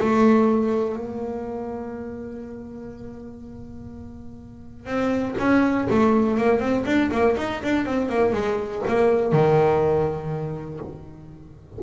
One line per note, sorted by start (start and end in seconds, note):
0.00 0.96 A3
0.96 4.86 A#3
4.86 5.35 C4
5.39 5.88 C#4
5.90 6.38 A3
6.38 6.60 A#3
6.60 6.85 C4
6.86 7.10 D4
7.11 7.36 A#3
7.37 7.62 D#4
7.63 7.86 D4
7.86 8.09 C4
8.09 8.33 A#3
8.33 8.82 G#3
8.88 9.33 A#3
9.33 10.80 D#3